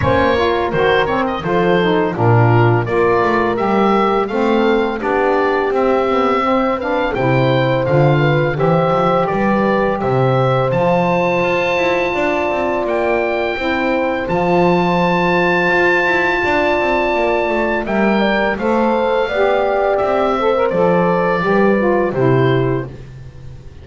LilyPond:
<<
  \new Staff \with { instrumentName = "oboe" } { \time 4/4 \tempo 4 = 84 cis''4 c''8 cis''16 dis''16 c''4 ais'4 | d''4 e''4 f''4 d''4 | e''4. f''8 g''4 f''4 | e''4 d''4 e''4 a''4~ |
a''2 g''2 | a''1~ | a''4 g''4 f''2 | e''4 d''2 c''4 | }
  \new Staff \with { instrumentName = "horn" } { \time 4/4 c''8 ais'4. a'4 f'4 | ais'2 a'4 g'4~ | g'4 c''8 b'8 c''4. b'8 | c''4 b'4 c''2~ |
c''4 d''2 c''4~ | c''2. d''4~ | d''4 e''8 d''8 c''4 d''4~ | d''8 c''4. b'4 g'4 | }
  \new Staff \with { instrumentName = "saxophone" } { \time 4/4 cis'8 f'8 fis'8 c'8 f'8 dis'8 d'4 | f'4 g'4 c'4 d'4 | c'8 b8 c'8 d'8 e'4 f'4 | g'2. f'4~ |
f'2. e'4 | f'1~ | f'4 ais'4 a'4 g'4~ | g'8 a'16 ais'16 a'4 g'8 f'8 e'4 | }
  \new Staff \with { instrumentName = "double bass" } { \time 4/4 ais4 dis4 f4 ais,4 | ais8 a8 g4 a4 b4 | c'2 c4 d4 | e8 f8 g4 c4 f4 |
f'8 e'8 d'8 c'8 ais4 c'4 | f2 f'8 e'8 d'8 c'8 | ais8 a8 g4 a4 b4 | c'4 f4 g4 c4 | }
>>